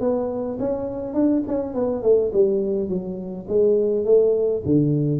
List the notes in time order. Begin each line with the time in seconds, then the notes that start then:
0.00 B3
0.59 C#4
1.13 D4
1.47 C#4
1.74 B3
2.02 A3
2.33 G3
2.89 F#3
3.48 G#3
4.05 A3
4.65 D3